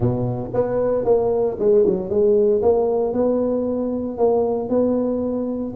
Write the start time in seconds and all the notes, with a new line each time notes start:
0.00 B2
0.53 B3
1.05 A#3
1.59 G#3
1.86 F#3
2.09 G#3
2.62 A#3
3.13 B3
4.17 A#3
4.69 B3